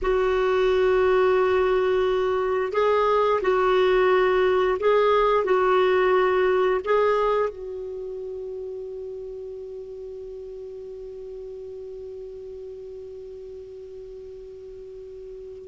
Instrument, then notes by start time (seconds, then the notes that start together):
clarinet
0.02 F#4
2.72 G#4
3.41 F#4
4.79 G#4
5.44 F#4
6.84 G#4
7.49 F#4